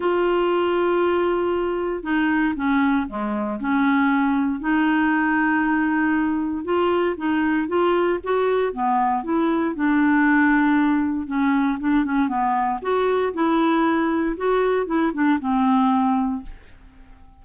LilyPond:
\new Staff \with { instrumentName = "clarinet" } { \time 4/4 \tempo 4 = 117 f'1 | dis'4 cis'4 gis4 cis'4~ | cis'4 dis'2.~ | dis'4 f'4 dis'4 f'4 |
fis'4 b4 e'4 d'4~ | d'2 cis'4 d'8 cis'8 | b4 fis'4 e'2 | fis'4 e'8 d'8 c'2 | }